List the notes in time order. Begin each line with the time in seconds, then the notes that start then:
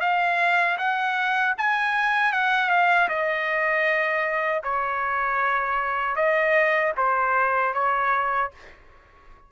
0.00 F5
0.78 F#5
1.58 G#5
2.33 F#5
2.70 F5
3.08 D#5
4.63 C#5
6.15 D#5
6.97 C5
7.74 C#5